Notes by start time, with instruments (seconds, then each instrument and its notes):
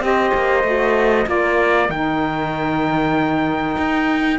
0.00 cello C4, saxophone G4, flute C5, trumpet D#5
0.35 cello A#3
0.64 cello A3, saxophone F#4
1.25 cello A#3, saxophone F4, flute A#4, trumpet D5
1.89 cello D#3, saxophone D#4, trumpet G5
3.78 cello D#4